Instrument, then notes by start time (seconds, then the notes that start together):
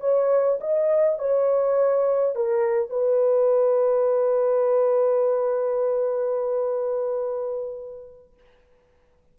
horn
0.00 C#5
0.60 D#5
1.18 C#5
2.35 A#4
2.90 B4